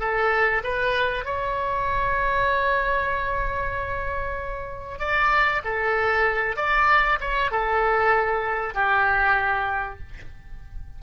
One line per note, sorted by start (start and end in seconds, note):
0.00 0.62 A4
0.64 1.25 B4
1.25 5.00 C#5
5.00 5.62 D5
5.65 6.57 A4
6.57 7.19 D5
7.21 7.52 C#5
7.52 8.75 A4
8.75 10.00 G4